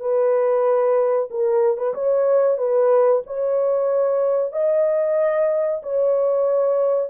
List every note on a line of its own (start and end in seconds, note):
0.00 1.29 B4
1.31 1.78 A#4
1.78 1.94 B4
1.94 2.58 C#5
2.58 3.22 B4
3.27 4.53 C#5
4.53 5.82 D#5
5.83 7.10 C#5